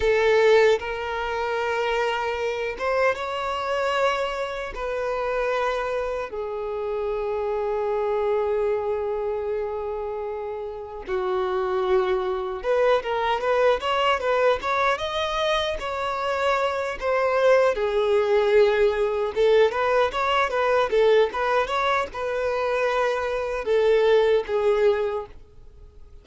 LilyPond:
\new Staff \with { instrumentName = "violin" } { \time 4/4 \tempo 4 = 76 a'4 ais'2~ ais'8 c''8 | cis''2 b'2 | gis'1~ | gis'2 fis'2 |
b'8 ais'8 b'8 cis''8 b'8 cis''8 dis''4 | cis''4. c''4 gis'4.~ | gis'8 a'8 b'8 cis''8 b'8 a'8 b'8 cis''8 | b'2 a'4 gis'4 | }